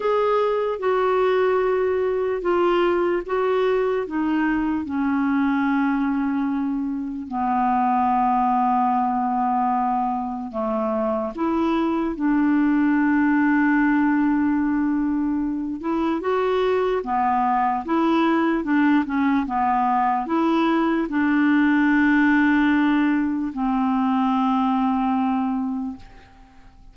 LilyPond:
\new Staff \with { instrumentName = "clarinet" } { \time 4/4 \tempo 4 = 74 gis'4 fis'2 f'4 | fis'4 dis'4 cis'2~ | cis'4 b2.~ | b4 a4 e'4 d'4~ |
d'2.~ d'8 e'8 | fis'4 b4 e'4 d'8 cis'8 | b4 e'4 d'2~ | d'4 c'2. | }